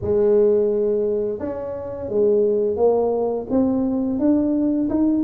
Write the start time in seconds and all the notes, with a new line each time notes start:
0.01 G#3
1.39 C#4
2.09 G#3
2.76 A#3
3.49 C4
4.19 D4
4.89 D#4